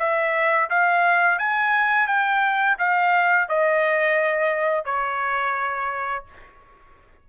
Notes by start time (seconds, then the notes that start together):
0.00 E5
0.70 F5
1.39 G#5
2.07 G5
2.79 F5
3.49 D#5
4.86 C#5